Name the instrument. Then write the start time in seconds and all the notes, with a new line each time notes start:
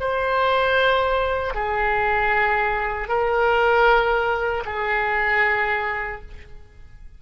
oboe
0.00 C5
1.55 G#4
3.09 A#4
4.66 G#4